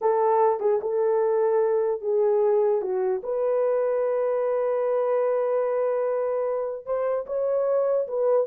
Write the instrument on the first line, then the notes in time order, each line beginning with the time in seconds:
horn
0.01 A4
0.59 G#4
0.81 A4
2.01 G#4
2.81 F#4
3.23 B4
6.85 C5
7.26 C#5
8.07 B4